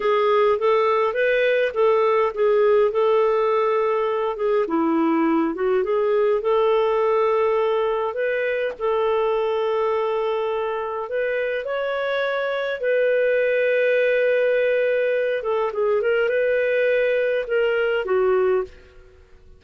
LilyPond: \new Staff \with { instrumentName = "clarinet" } { \time 4/4 \tempo 4 = 103 gis'4 a'4 b'4 a'4 | gis'4 a'2~ a'8 gis'8 | e'4. fis'8 gis'4 a'4~ | a'2 b'4 a'4~ |
a'2. b'4 | cis''2 b'2~ | b'2~ b'8 a'8 gis'8 ais'8 | b'2 ais'4 fis'4 | }